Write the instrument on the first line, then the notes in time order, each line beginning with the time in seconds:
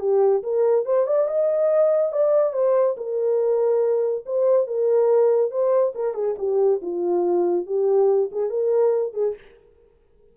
horn
0.00 G4
0.43 A#4
0.85 C5
1.07 D5
1.28 D#5
2.12 D5
2.53 C5
2.97 A#4
4.26 C5
4.67 A#4
5.51 C5
5.95 A#4
6.14 G#4
6.38 G4
6.82 F4
7.66 G4
8.32 G#4
8.50 A#4
9.14 G#4